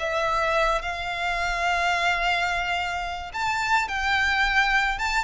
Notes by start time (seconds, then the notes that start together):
0.00 E5
0.83 F5
3.34 A5
3.89 G5
4.99 A5